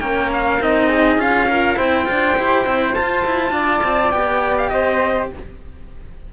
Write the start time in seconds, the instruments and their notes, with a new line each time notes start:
0.00 cello A#3 C#4, flute A#4, trumpet G5
0.33 trumpet F5
0.60 cello C4 D#4, trumpet D#5
0.89 flute G#4
1.17 cello C#4 F4, trumpet F5
1.49 flute F4, cello A#4
1.76 cello C4 E4, flute C5, trumpet G5
2.06 cello D4 F4
2.37 cello E4 G4
2.66 cello C4 E4
2.94 cello F4, trumpet A5
3.26 cello E4
3.51 cello D4, flute D5
3.83 cello C4
4.12 cello B3 G4, trumpet G5
4.58 trumpet F5
4.69 cello C4, flute C5, trumpet D#5